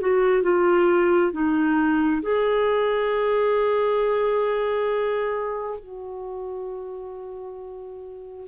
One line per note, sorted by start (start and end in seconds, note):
0.00 0.43 F#4
0.43 1.32 F4
1.32 2.22 D#4
2.22 5.79 G#4
5.79 8.47 F#4